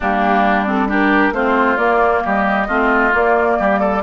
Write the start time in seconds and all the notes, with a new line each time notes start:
0.00 G3 A#3 D4 G4
0.65 C4 A4
0.87 D4 G4 A#4
1.31 A3 C4 F4 C5
1.76 A#3 D5
2.24 G3 G4 D#5
2.67 A3 C4 F4
3.11 A#3 D5
3.59 G3 G4
3.79 A4